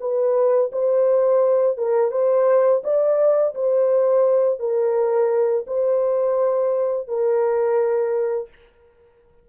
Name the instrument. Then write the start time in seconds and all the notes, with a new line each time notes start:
horn
0.00 B4
0.72 C5
1.77 A#4
2.11 C5
2.84 D5
3.55 C5
4.59 A#4
5.67 C5
7.07 A#4